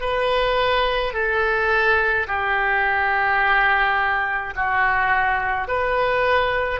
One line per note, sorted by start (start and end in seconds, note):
0.00 1.13 B4
1.13 2.26 A4
2.27 4.53 G4
4.55 5.68 F#4
5.68 6.80 B4